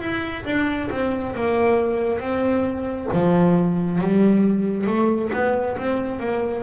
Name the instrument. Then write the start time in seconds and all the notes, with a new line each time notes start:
double bass
0.00 E4
0.45 D4
0.90 C4
1.35 A#3
2.19 C4
3.13 F3
4.00 G3
4.86 A3
5.33 B3
5.77 C4
6.19 A#3